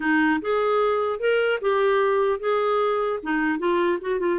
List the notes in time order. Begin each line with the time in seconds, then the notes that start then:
0.00 D#4
0.41 G#4
1.19 A#4
1.61 G4
2.39 G#4
3.22 D#4
3.59 F4
4.01 F#4
4.19 F4